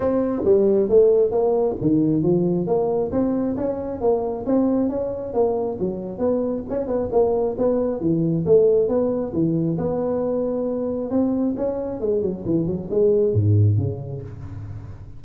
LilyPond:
\new Staff \with { instrumentName = "tuba" } { \time 4/4 \tempo 4 = 135 c'4 g4 a4 ais4 | dis4 f4 ais4 c'4 | cis'4 ais4 c'4 cis'4 | ais4 fis4 b4 cis'8 b8 |
ais4 b4 e4 a4 | b4 e4 b2~ | b4 c'4 cis'4 gis8 fis8 | e8 fis8 gis4 gis,4 cis4 | }